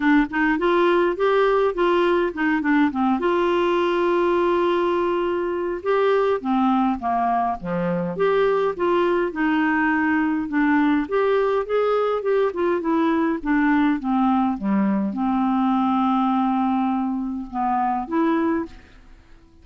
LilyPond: \new Staff \with { instrumentName = "clarinet" } { \time 4/4 \tempo 4 = 103 d'8 dis'8 f'4 g'4 f'4 | dis'8 d'8 c'8 f'2~ f'8~ | f'2 g'4 c'4 | ais4 f4 g'4 f'4 |
dis'2 d'4 g'4 | gis'4 g'8 f'8 e'4 d'4 | c'4 g4 c'2~ | c'2 b4 e'4 | }